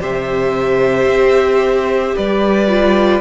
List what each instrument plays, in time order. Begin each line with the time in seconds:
0.00 cello C3, viola G4, violin C5 E5
1.06 cello C4
2.16 cello G3, violin B4 D5
2.68 viola F4